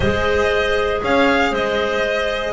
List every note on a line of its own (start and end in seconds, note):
0.00 1.01 G#3
0.00 2.53 G#4
0.00 1.01 C5
0.00 1.02 D#5
1.02 1.51 C#4
1.02 1.51 C#5
1.02 1.54 F5
1.51 2.53 G#3
1.51 2.52 C5
1.51 2.53 D#5